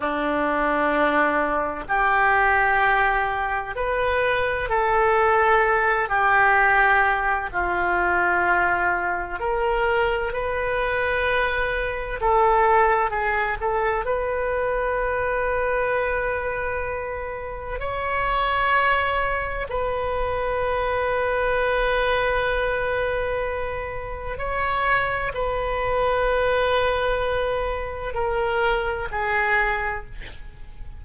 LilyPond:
\new Staff \with { instrumentName = "oboe" } { \time 4/4 \tempo 4 = 64 d'2 g'2 | b'4 a'4. g'4. | f'2 ais'4 b'4~ | b'4 a'4 gis'8 a'8 b'4~ |
b'2. cis''4~ | cis''4 b'2.~ | b'2 cis''4 b'4~ | b'2 ais'4 gis'4 | }